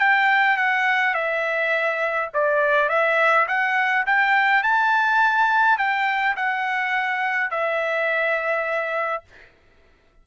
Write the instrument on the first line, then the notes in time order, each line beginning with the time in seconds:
trumpet
0.00 G5
0.57 F#5
1.15 E5
2.34 D5
2.89 E5
3.48 F#5
4.06 G5
4.63 A5
5.78 G5
6.36 F#5
7.51 E5